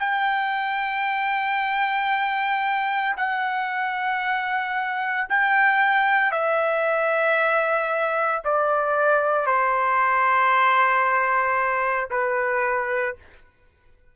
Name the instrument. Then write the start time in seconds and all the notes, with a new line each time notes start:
trumpet
0.00 G5
3.17 F#5
5.30 G5
6.32 E5
8.44 D5
9.47 C5
12.11 B4